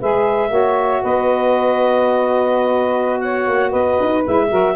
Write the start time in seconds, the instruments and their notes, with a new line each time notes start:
0.00 tuba G#3, saxophone G#4 B4, clarinet E5
0.50 tuba A#3, saxophone F#4 C#5
1.02 tuba B3, saxophone B4, clarinet D#5
3.20 saxophone C#5, clarinet F#5
3.48 tuba A#3
3.70 tuba B3, saxophone B4, clarinet D#5
4.00 tuba D#4
4.24 tuba G#3, saxophone E4, clarinet E5
4.50 tuba F#3, saxophone F#4 A#4